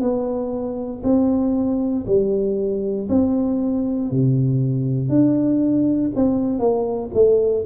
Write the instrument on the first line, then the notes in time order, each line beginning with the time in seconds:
tuba
0.00 B3
1.03 C4
2.06 G3
3.09 C4
4.11 C3
5.08 D4
6.15 C4
6.59 A#3
7.14 A3